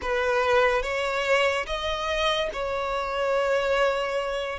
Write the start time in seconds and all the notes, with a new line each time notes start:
0.02 B4
0.82 C#5
1.66 D#5
2.52 C#5